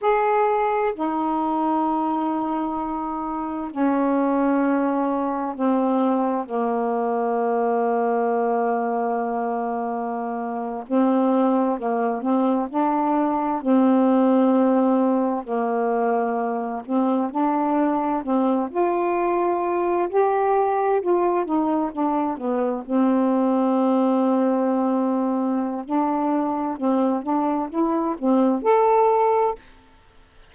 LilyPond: \new Staff \with { instrumentName = "saxophone" } { \time 4/4 \tempo 4 = 65 gis'4 dis'2. | cis'2 c'4 ais4~ | ais2.~ ais8. c'16~ | c'8. ais8 c'8 d'4 c'4~ c'16~ |
c'8. ais4. c'8 d'4 c'16~ | c'16 f'4. g'4 f'8 dis'8 d'16~ | d'16 b8 c'2.~ c'16 | d'4 c'8 d'8 e'8 c'8 a'4 | }